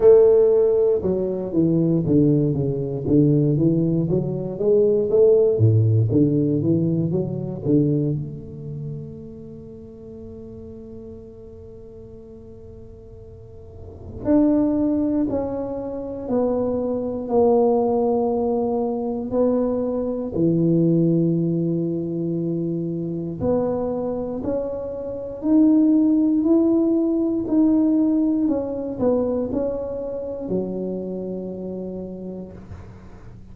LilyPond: \new Staff \with { instrumentName = "tuba" } { \time 4/4 \tempo 4 = 59 a4 fis8 e8 d8 cis8 d8 e8 | fis8 gis8 a8 a,8 d8 e8 fis8 d8 | a1~ | a2 d'4 cis'4 |
b4 ais2 b4 | e2. b4 | cis'4 dis'4 e'4 dis'4 | cis'8 b8 cis'4 fis2 | }